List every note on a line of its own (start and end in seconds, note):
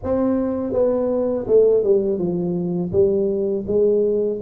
0.03 0.73 C4
0.73 1.46 B3
1.47 1.83 A3
1.83 2.18 G3
2.18 2.91 F3
2.92 3.65 G3
3.67 4.40 G#3